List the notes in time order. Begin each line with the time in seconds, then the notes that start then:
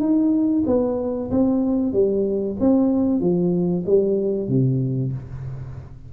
0.00 D#4
0.66 B3
1.31 C4
1.93 G3
2.60 C4
3.20 F3
3.86 G3
4.49 C3